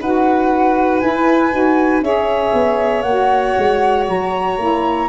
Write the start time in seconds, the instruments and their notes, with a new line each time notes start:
0.00 tuba D#4, saxophone F#4, violin B4, flute F#5
1.00 saxophone E4, tuba E4, flute G#5
1.52 tuba D#4, saxophone F#4
2.01 tuba C#4, saxophone G#4, violin C#5, flute E5
2.54 tuba B3
3.02 tuba A#3, flute F#5
3.08 saxophone F#4
3.58 tuba G#3
4.08 tuba F#3, flute A#5
4.58 tuba A#3, saxophone E4